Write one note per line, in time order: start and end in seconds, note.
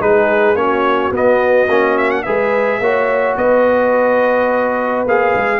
0.00 0.55 G#3
0.00 0.56 D#4
0.00 0.58 G#4
0.00 0.56 B4
0.55 1.11 A#3
0.55 1.12 C#4
0.55 2.24 F#4
0.55 1.12 C#5
1.11 1.67 B3
1.11 1.68 B3
1.11 1.98 D#5
1.68 2.24 A#3
1.68 2.25 C#4
1.98 2.11 E5
2.11 2.23 F#5
2.23 2.80 G#3
2.23 2.81 G#4
2.23 2.80 B4
2.23 3.35 E5
2.80 3.36 A#3
2.80 5.07 F#4
2.80 3.37 C#5
3.37 5.05 B3
3.37 5.60 B4
3.37 5.05 D#5
5.06 5.34 A#3
5.06 5.60 G#4
5.06 5.60 F5
5.35 5.60 G#3